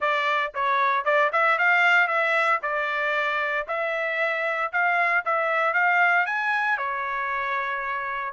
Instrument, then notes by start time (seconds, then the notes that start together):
trumpet
0.00 D5
0.54 C#5
1.04 D5
1.32 E5
1.58 F5
2.07 E5
2.62 D5
3.67 E5
4.72 F5
5.25 E5
5.73 F5
6.26 G#5
6.77 C#5